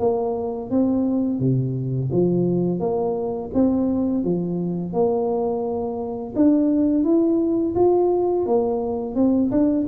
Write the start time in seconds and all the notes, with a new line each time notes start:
0.00 A#3
0.71 C4
1.40 C3
2.12 F3
2.80 A#3
3.55 C4
4.24 F3
4.93 A#3
6.36 D4
7.04 E4
7.76 F4
8.46 A#3
9.16 C4
9.51 D4